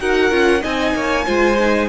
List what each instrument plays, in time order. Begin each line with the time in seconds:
0.00 cello D#4, viola F#4, violin A#4 F#5
0.31 cello C#4, viola F4
0.61 cello C4, viola D#4, violin D#5 G#5
0.94 cello A#3, violin C#5
1.25 cello G#3, viola F4, violin C5
1.58 viola D#4